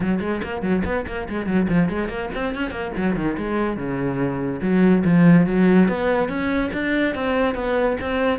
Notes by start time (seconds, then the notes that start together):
0.00 F#3
0.20 G#3
0.43 A#3
0.62 F#3
0.84 B3
1.07 A#3
1.29 G#3
1.46 F#3
1.68 F3
1.88 G#3
2.08 A#3
2.34 C4
2.54 C#4
2.70 A#3
2.96 F#3
3.15 D#3
3.37 G#3
3.76 C#3
4.61 F#3
5.04 F3
5.46 F#3
5.88 B3
6.28 C#4
6.72 D4
7.15 C4
7.54 B3
8.00 C4